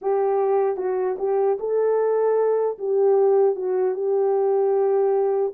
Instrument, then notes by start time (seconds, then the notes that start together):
horn
0.01 G4
0.76 F#4
1.18 G4
1.59 A4
2.78 G4
3.55 F#4
3.95 G4